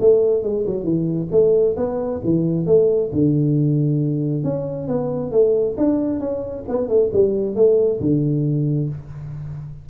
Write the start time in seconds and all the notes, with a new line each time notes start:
0.00 A3
0.43 G#3
0.67 F#3
0.84 E3
1.31 A3
1.77 B3
2.24 E3
2.66 A3
3.13 D3
4.44 C#4
4.88 B3
5.32 A3
5.78 D4
6.20 C#4
6.68 B3
6.89 A3
7.13 G3
7.56 A3
8.00 D3